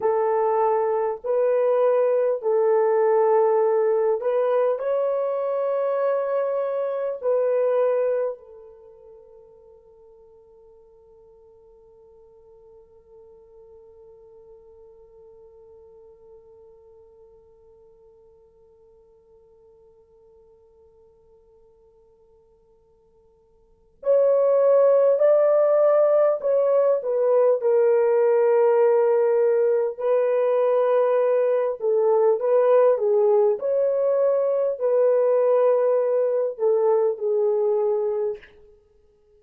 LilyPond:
\new Staff \with { instrumentName = "horn" } { \time 4/4 \tempo 4 = 50 a'4 b'4 a'4. b'8 | cis''2 b'4 a'4~ | a'1~ | a'1~ |
a'1 | cis''4 d''4 cis''8 b'8 ais'4~ | ais'4 b'4. a'8 b'8 gis'8 | cis''4 b'4. a'8 gis'4 | }